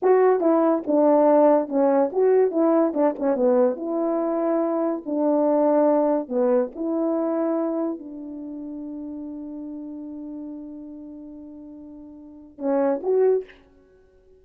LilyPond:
\new Staff \with { instrumentName = "horn" } { \time 4/4 \tempo 4 = 143 fis'4 e'4 d'2 | cis'4 fis'4 e'4 d'8 cis'8 | b4 e'2. | d'2. b4 |
e'2. d'4~ | d'1~ | d'1~ | d'2 cis'4 fis'4 | }